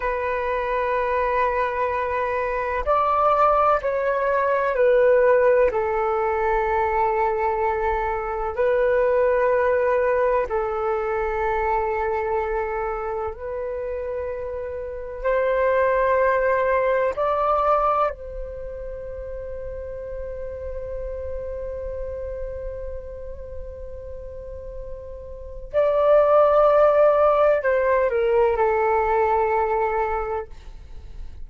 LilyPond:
\new Staff \with { instrumentName = "flute" } { \time 4/4 \tempo 4 = 63 b'2. d''4 | cis''4 b'4 a'2~ | a'4 b'2 a'4~ | a'2 b'2 |
c''2 d''4 c''4~ | c''1~ | c''2. d''4~ | d''4 c''8 ais'8 a'2 | }